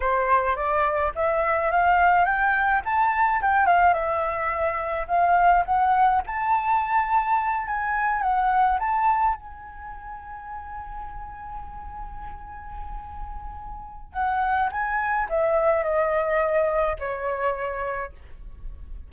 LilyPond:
\new Staff \with { instrumentName = "flute" } { \time 4/4 \tempo 4 = 106 c''4 d''4 e''4 f''4 | g''4 a''4 g''8 f''8 e''4~ | e''4 f''4 fis''4 a''4~ | a''4. gis''4 fis''4 a''8~ |
a''8 gis''2.~ gis''8~ | gis''1~ | gis''4 fis''4 gis''4 e''4 | dis''2 cis''2 | }